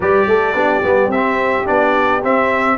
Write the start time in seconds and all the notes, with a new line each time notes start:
0.00 G3 G4 B4 D5
0.27 A3 A4
0.54 B3 D4 G4
0.83 G3 B3
1.08 C4 E5
1.14 C4
1.65 B3 D4 D5
2.23 C4 E5